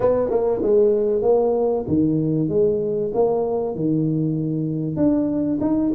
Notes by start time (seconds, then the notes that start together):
0.00 B3
0.30 A#3
0.62 G#3
1.22 A#3
1.87 D#3
2.49 G#3
3.14 A#3
3.75 D#3
4.96 D4
5.61 D#4